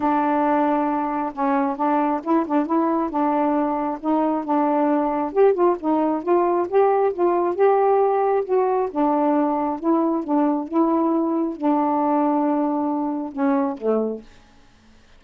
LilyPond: \new Staff \with { instrumentName = "saxophone" } { \time 4/4 \tempo 4 = 135 d'2. cis'4 | d'4 e'8 d'8 e'4 d'4~ | d'4 dis'4 d'2 | g'8 f'8 dis'4 f'4 g'4 |
f'4 g'2 fis'4 | d'2 e'4 d'4 | e'2 d'2~ | d'2 cis'4 a4 | }